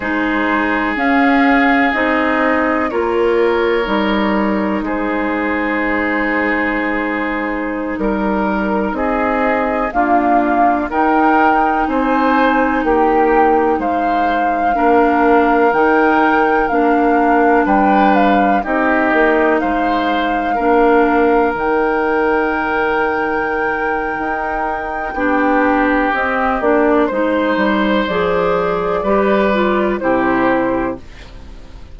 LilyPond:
<<
  \new Staff \with { instrumentName = "flute" } { \time 4/4 \tempo 4 = 62 c''4 f''4 dis''4 cis''4~ | cis''4 c''2.~ | c''16 ais'4 dis''4 f''4 g''8.~ | g''16 gis''4 g''4 f''4.~ f''16~ |
f''16 g''4 f''4 g''8 f''8 dis''8.~ | dis''16 f''2 g''4.~ g''16~ | g''2. dis''8 d''8 | c''4 d''2 c''4 | }
  \new Staff \with { instrumentName = "oboe" } { \time 4/4 gis'2. ais'4~ | ais'4 gis'2.~ | gis'16 ais'4 gis'4 f'4 ais'8.~ | ais'16 c''4 g'4 c''4 ais'8.~ |
ais'2~ ais'16 b'4 g'8.~ | g'16 c''4 ais'2~ ais'8.~ | ais'2 g'2 | c''2 b'4 g'4 | }
  \new Staff \with { instrumentName = "clarinet" } { \time 4/4 dis'4 cis'4 dis'4 f'4 | dis'1~ | dis'2~ dis'16 ais4 dis'8.~ | dis'2.~ dis'16 d'8.~ |
d'16 dis'4 d'2 dis'8.~ | dis'4~ dis'16 d'4 dis'4.~ dis'16~ | dis'2 d'4 c'8 d'8 | dis'4 gis'4 g'8 f'8 e'4 | }
  \new Staff \with { instrumentName = "bassoon" } { \time 4/4 gis4 cis'4 c'4 ais4 | g4 gis2.~ | gis16 g4 c'4 d'4 dis'8.~ | dis'16 c'4 ais4 gis4 ais8.~ |
ais16 dis4 ais4 g4 c'8 ais16~ | ais16 gis4 ais4 dis4.~ dis16~ | dis4 dis'4 b4 c'8 ais8 | gis8 g8 f4 g4 c4 | }
>>